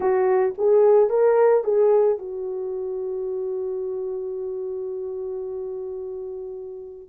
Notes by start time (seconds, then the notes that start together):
0.00 F#4
0.58 G#4
1.09 A#4
1.63 G#4
2.18 F#4